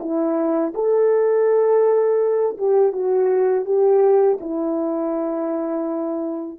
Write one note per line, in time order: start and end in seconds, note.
0.00 0.73 E4
0.74 2.57 A4
2.57 2.92 G4
2.92 3.65 F#4
3.65 4.38 G4
4.40 6.59 E4